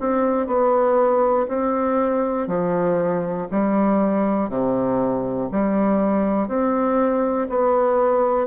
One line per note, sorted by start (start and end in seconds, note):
0.00 0.47 C4
0.47 1.47 B3
1.48 2.47 C4
2.47 3.47 F3
3.51 4.49 G3
4.49 5.49 C3
5.51 6.48 G3
6.48 7.48 C4
7.49 8.47 B3